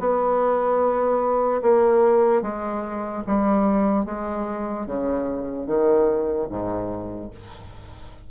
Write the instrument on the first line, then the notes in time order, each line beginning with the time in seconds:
bassoon
0.00 B3
1.62 A#3
2.43 G#3
3.27 G3
4.05 G#3
4.87 C#3
5.67 D#3
6.50 G#2